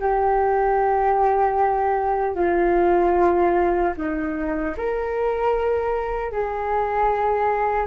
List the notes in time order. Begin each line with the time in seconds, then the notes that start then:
0.00 G4
2.35 F4
3.97 D#4
4.77 A#4
6.32 G#4